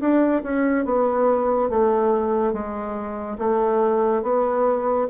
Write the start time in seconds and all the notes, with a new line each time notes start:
0.00 D4
0.43 C#4
0.85 B3
1.69 A3
2.53 G#3
3.38 A3
4.23 B3